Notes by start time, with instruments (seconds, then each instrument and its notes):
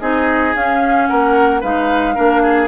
0.00 bassoon C4, clarinet D#4, oboe G#4, flute D#5
0.55 bassoon C#4, clarinet C#4, flute F5
1.07 bassoon A#3, oboe A#4, flute F#5
1.60 bassoon G#3, clarinet D#4, oboe B4, flute F5
2.15 bassoon A#3, clarinet D4, oboe A#4
2.42 oboe G#4